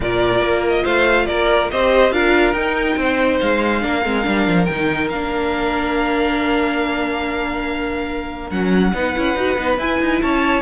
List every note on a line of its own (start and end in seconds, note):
0.00 0.41 A#2
0.00 1.71 F4
0.00 0.83 A#4
0.00 0.65 D5
0.41 0.83 A#3
0.68 0.85 D#5
0.83 1.28 A3
0.83 1.25 C5
0.83 1.26 F5
1.26 1.71 A#3
1.26 1.70 A#4
1.26 1.68 D5
1.70 2.12 C4
1.70 2.12 G4
1.70 2.13 C5
1.70 2.12 D#5
2.12 2.53 D4
2.12 2.55 F4
2.12 2.98 A#4
2.12 2.53 F5
2.53 2.96 D#4
2.53 3.81 D#4
2.53 3.38 G5
2.96 3.39 C4
2.96 3.82 C5
3.40 3.83 G#3
3.40 4.65 F5
3.81 4.05 A#3
3.81 4.02 D4
3.81 8.93 A#4
4.05 4.26 G#3
4.05 4.23 C4
4.23 4.47 G3
4.23 4.65 D4
4.47 4.68 F3
4.65 5.11 D#3
4.65 5.08 G5
4.73 5.12 D#4
5.09 8.50 A#3
5.09 8.51 D4
5.09 8.50 F5
8.50 8.93 F#3
8.50 8.93 C#4
8.50 9.78 F#5
8.93 9.15 B3
8.93 9.15 D#4
8.93 10.22 B4
9.15 9.35 C#4
9.15 9.36 E4
9.35 9.56 D#4
9.35 9.56 F#4
9.56 9.78 B3
9.56 9.77 D#4
9.78 9.99 E4
9.78 10.62 E4
9.78 10.21 G#5
10.00 10.21 D#4
10.22 10.62 C#4
10.22 10.62 C#5
10.22 10.62 A5